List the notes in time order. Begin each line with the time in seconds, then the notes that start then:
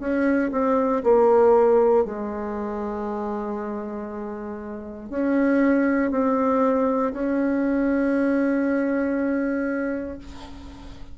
0.00 C#4
0.52 C4
1.04 A#3
2.05 G#3
5.10 C#4
6.11 C4
7.13 C#4